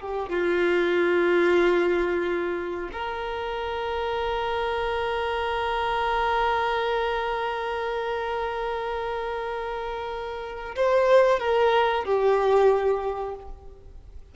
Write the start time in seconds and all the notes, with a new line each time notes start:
0.00 G4
0.29 F4
2.93 A#4
10.76 C5
11.39 A#4
12.05 G4